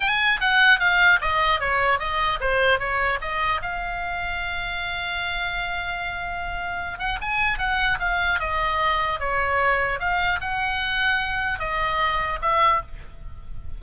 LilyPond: \new Staff \with { instrumentName = "oboe" } { \time 4/4 \tempo 4 = 150 gis''4 fis''4 f''4 dis''4 | cis''4 dis''4 c''4 cis''4 | dis''4 f''2.~ | f''1~ |
f''4. fis''8 gis''4 fis''4 | f''4 dis''2 cis''4~ | cis''4 f''4 fis''2~ | fis''4 dis''2 e''4 | }